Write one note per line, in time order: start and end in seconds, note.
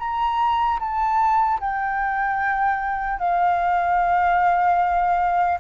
0.00 0.80 A#5
0.80 1.60 A5
1.61 3.19 G5
3.19 5.59 F5